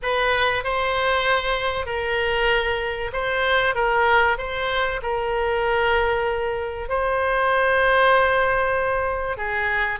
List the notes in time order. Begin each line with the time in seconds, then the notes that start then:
0.02 B4
0.64 C5
1.86 A#4
3.12 C5
3.74 A#4
4.38 C5
5.02 A#4
6.88 C5
9.37 G#4